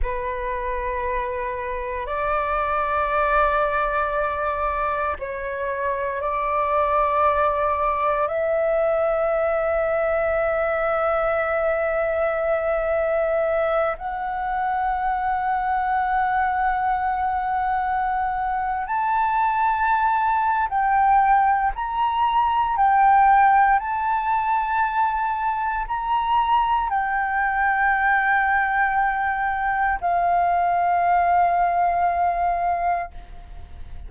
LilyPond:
\new Staff \with { instrumentName = "flute" } { \time 4/4 \tempo 4 = 58 b'2 d''2~ | d''4 cis''4 d''2 | e''1~ | e''4. fis''2~ fis''8~ |
fis''2~ fis''16 a''4.~ a''16 | g''4 ais''4 g''4 a''4~ | a''4 ais''4 g''2~ | g''4 f''2. | }